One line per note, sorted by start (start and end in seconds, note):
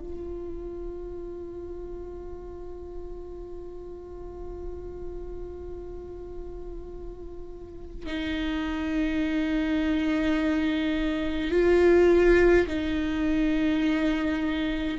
0.00 8.07 F4
8.07 11.51 D#4
11.51 12.67 F4
12.67 14.98 D#4